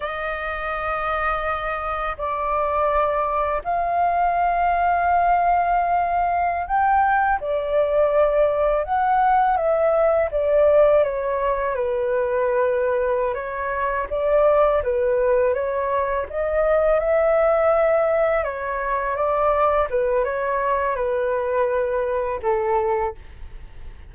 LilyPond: \new Staff \with { instrumentName = "flute" } { \time 4/4 \tempo 4 = 83 dis''2. d''4~ | d''4 f''2.~ | f''4~ f''16 g''4 d''4.~ d''16~ | d''16 fis''4 e''4 d''4 cis''8.~ |
cis''16 b'2~ b'16 cis''4 d''8~ | d''8 b'4 cis''4 dis''4 e''8~ | e''4. cis''4 d''4 b'8 | cis''4 b'2 a'4 | }